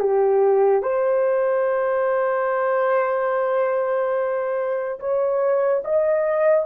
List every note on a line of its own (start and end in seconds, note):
0.00 0.83 G4
0.83 4.99 C5
5.00 5.83 C#5
5.84 6.66 D#5